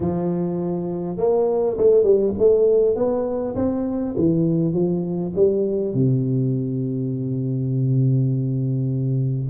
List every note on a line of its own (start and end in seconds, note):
0.00 1.17 F3
1.17 1.76 A#3
1.77 2.03 A3
2.03 2.33 G3
2.38 2.95 A3
2.95 3.55 B3
3.55 4.15 C4
4.17 4.73 E3
4.73 5.32 F3
5.35 5.94 G3
5.94 9.50 C3